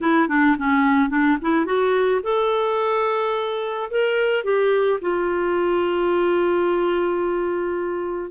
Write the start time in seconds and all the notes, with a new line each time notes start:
0.00 E4
0.28 D4
0.58 C#4
1.09 D4
1.41 E4
1.65 F#4
2.23 A4
3.90 A#4
4.43 G4
5.01 F4